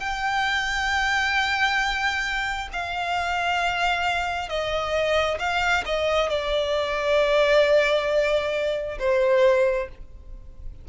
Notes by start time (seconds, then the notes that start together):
0.00 G5
2.73 F5
4.49 D#5
5.40 F5
5.86 D#5
6.30 D5
9.00 C5